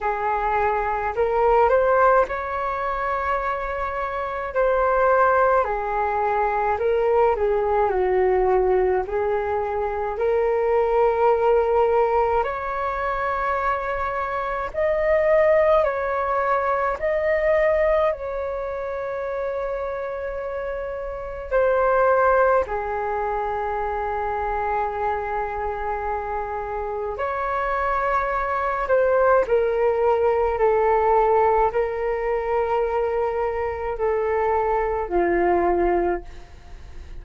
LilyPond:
\new Staff \with { instrumentName = "flute" } { \time 4/4 \tempo 4 = 53 gis'4 ais'8 c''8 cis''2 | c''4 gis'4 ais'8 gis'8 fis'4 | gis'4 ais'2 cis''4~ | cis''4 dis''4 cis''4 dis''4 |
cis''2. c''4 | gis'1 | cis''4. c''8 ais'4 a'4 | ais'2 a'4 f'4 | }